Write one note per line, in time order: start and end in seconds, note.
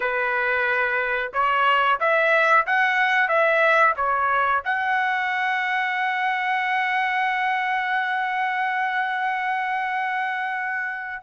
0.00 1.32 B4
1.33 1.99 C#5
2.00 2.66 E5
2.66 3.28 F#5
3.28 3.94 E5
3.96 4.62 C#5
4.64 11.23 F#5